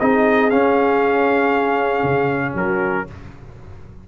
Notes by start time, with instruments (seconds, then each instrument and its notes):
0.00 tuba C4, trombone D#4, horn G#4, trumpet D#5
0.50 trombone C#4, tuba C#4, trumpet F5
2.04 tuba C#3
2.54 tuba F#3, horn F#4, trumpet A#4